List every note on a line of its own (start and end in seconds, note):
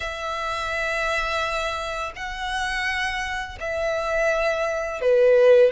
0.00 2.12 E5
2.15 3.58 F#5
3.59 5.01 E5
5.01 5.71 B4